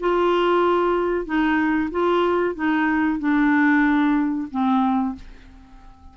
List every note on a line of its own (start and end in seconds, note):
0.00 1.26 F4
1.26 1.90 D#4
1.91 2.55 F4
2.55 3.19 D#4
3.19 4.48 D4
4.51 5.16 C4